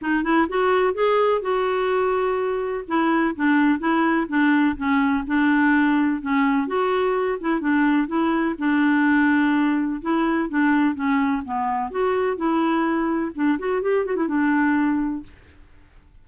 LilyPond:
\new Staff \with { instrumentName = "clarinet" } { \time 4/4 \tempo 4 = 126 dis'8 e'8 fis'4 gis'4 fis'4~ | fis'2 e'4 d'4 | e'4 d'4 cis'4 d'4~ | d'4 cis'4 fis'4. e'8 |
d'4 e'4 d'2~ | d'4 e'4 d'4 cis'4 | b4 fis'4 e'2 | d'8 fis'8 g'8 fis'16 e'16 d'2 | }